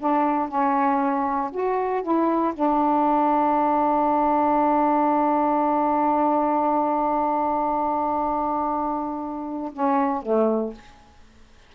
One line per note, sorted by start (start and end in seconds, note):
0.00 0.49 D4
0.49 1.51 C#4
1.52 2.03 F#4
2.03 2.54 E4
2.54 9.72 D4
9.73 10.23 C#4
10.23 10.74 A3